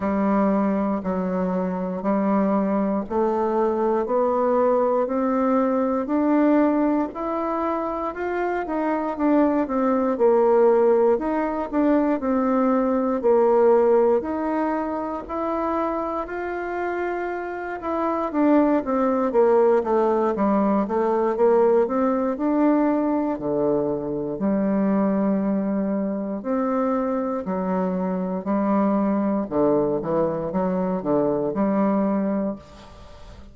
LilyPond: \new Staff \with { instrumentName = "bassoon" } { \time 4/4 \tempo 4 = 59 g4 fis4 g4 a4 | b4 c'4 d'4 e'4 | f'8 dis'8 d'8 c'8 ais4 dis'8 d'8 | c'4 ais4 dis'4 e'4 |
f'4. e'8 d'8 c'8 ais8 a8 | g8 a8 ais8 c'8 d'4 d4 | g2 c'4 fis4 | g4 d8 e8 fis8 d8 g4 | }